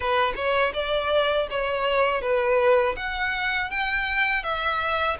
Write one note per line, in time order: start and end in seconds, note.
0.00 0.33 B4
0.35 0.72 C#5
0.73 1.47 D5
1.50 2.21 C#5
2.21 2.95 B4
2.96 3.70 F#5
3.70 4.43 G5
4.43 5.17 E5